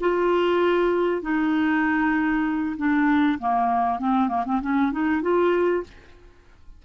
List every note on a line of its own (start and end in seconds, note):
0.00 1.21 F4
1.21 2.76 D#4
2.77 3.39 D4
3.39 3.99 A#3
3.99 4.28 C4
4.28 4.44 A#3
4.45 4.61 C4
4.61 4.91 C#4
4.91 5.21 D#4
5.21 5.83 F4